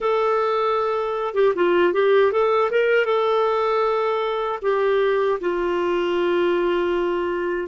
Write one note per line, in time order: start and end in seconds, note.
0.00 1.34 A4
1.34 1.53 G4
1.55 1.93 F4
1.93 2.31 G4
2.31 2.70 A4
2.71 3.05 A#4
3.05 4.59 A4
4.62 5.38 G4
5.40 7.67 F4